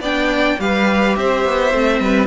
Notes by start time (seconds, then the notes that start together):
0.00 B3 D4 D5 G5
0.60 G3 G4 B4 F5
1.16 C4 C5 E5
1.45 B3
1.73 A3 C4
2.00 G3 B4